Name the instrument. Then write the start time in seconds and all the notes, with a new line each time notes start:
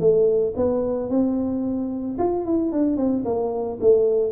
tuba
0.00 A3
0.56 B3
1.09 C4
2.18 F4
2.45 E4
2.72 D4
2.97 C4
3.25 A#3
3.81 A3